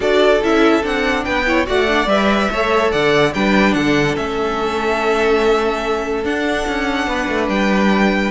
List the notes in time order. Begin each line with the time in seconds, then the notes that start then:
0.00 D4 F#4 A4 D5
0.41 C#4 E4 E5
0.82 C4 D4 F#5
1.24 B3 B4 G5
1.46 E4 C#5
1.66 A3 F#4 D5 F#5
1.87 D4
2.06 G3 B4 E5
2.50 A3 A4 C#5
2.91 D3 D5 F#5
3.34 G3 D4 B4 G5
3.74 D3 A4 F#5
4.15 A3 C#4 E5
6.23 D4 F#5
6.68 C#4
7.07 B3 B4
7.28 A3
7.48 G3 G5